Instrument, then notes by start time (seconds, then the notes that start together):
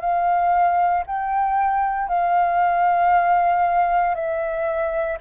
flute
0.00 F5
1.06 G5
2.08 F5
4.15 E5